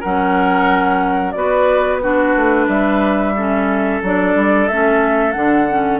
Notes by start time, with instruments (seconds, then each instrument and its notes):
0.00 bassoon F#3, clarinet C#4, oboe A#4, flute F#5
1.31 bassoon B3, clarinet F#4, oboe B4, flute D5
2.02 clarinet D4, oboe F#4, flute B4
2.36 bassoon A3
2.66 bassoon G3, oboe B4, flute E5
3.36 clarinet C#4, oboe A4
4.02 bassoon F#3, clarinet D4, flute D5
4.35 bassoon G3
4.68 bassoon A3, clarinet C#4, flute E5
5.32 bassoon D3, clarinet D4, flute F#5
5.69 clarinet C#4